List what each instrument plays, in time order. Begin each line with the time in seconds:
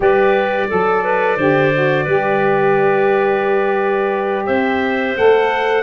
0.00 tuba G3, saxophone G4, clarinet B4, trumpet D5
0.68 tuba F#3, clarinet A4, saxophone A4
1.03 clarinet B4
1.37 tuba D3, saxophone G4, clarinet C5
1.74 saxophone F#4
2.04 tuba G3, saxophone G4, clarinet B4
4.46 tuba C4, clarinet C5, trumpet E5
5.16 tuba A3, saxophone A4, trumpet F#5